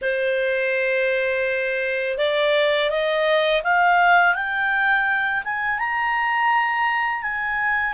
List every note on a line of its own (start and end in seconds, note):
0.01 2.18 C5
2.18 2.89 D5
2.89 3.62 D#5
3.63 4.34 F5
4.34 5.43 G5
5.44 5.78 G#5
5.78 7.22 A#5
7.22 7.93 G#5